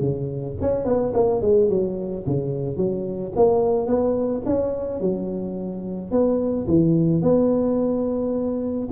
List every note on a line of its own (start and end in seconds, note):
0.00 0.56 C#3
0.61 0.85 C#4
0.85 1.13 B3
1.14 1.41 A#3
1.41 1.69 G#3
1.69 2.25 F#3
2.27 2.77 C#3
2.77 3.32 F#3
3.36 3.87 A#3
3.87 4.42 B3
4.46 5.01 C#4
5.01 6.11 F#3
6.11 6.67 B3
6.67 7.22 E3
7.22 8.89 B3